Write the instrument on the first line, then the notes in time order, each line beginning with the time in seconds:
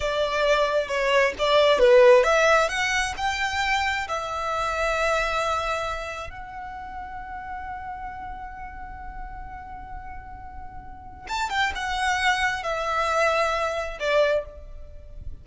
violin
0.00 D5
0.88 C#5
1.38 D5
1.79 B4
2.23 E5
2.68 F#5
3.17 G5
4.07 E5
6.30 F#5
11.28 A5
11.49 G5
11.75 F#5
12.63 E5
13.99 D5